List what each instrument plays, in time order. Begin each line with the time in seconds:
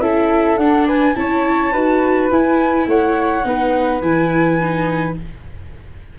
0.00 tuba C#4, viola E4, flute A4 E5
0.57 tuba D4, viola D4, flute F#5
0.86 flute B4 G#5
1.14 tuba C#4, viola E4, flute C#5 A5
1.72 tuba D#4, viola F#4, flute B4
2.30 viola E4, tuba E4, flute G#5
2.86 tuba A3, flute C#5 F#5
3.43 tuba B3, viola D#4, flute B4
4.01 tuba E3, viola E4, flute G#5
4.60 viola D#4